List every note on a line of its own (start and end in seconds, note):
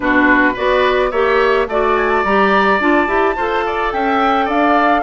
0.00 0.56 B2
0.00 0.54 D4
0.00 0.53 F#4
0.00 0.56 B4
0.53 1.11 B3
0.53 1.11 F#4
0.53 1.09 B4
0.53 1.11 D5
1.11 1.66 A#3
1.11 1.68 G4
1.11 1.67 C#5
1.11 1.67 E5
1.66 2.23 A3
1.66 2.25 F#4
1.66 3.36 D5
1.66 1.96 D5
1.96 2.09 G#5
2.09 2.23 A5
2.24 2.80 G3
2.24 2.80 G4
2.24 2.80 A#5
2.80 3.07 D4
2.80 3.07 F4
2.80 3.92 A5
3.07 3.35 E4
3.07 3.35 G4
3.36 3.92 F4
3.36 5.02 A4
3.36 3.64 C5
3.66 3.93 D5
3.92 4.48 C#4
3.92 4.45 E5
3.92 4.48 G5
4.45 5.02 D4
4.45 5.01 D5
4.45 5.02 F5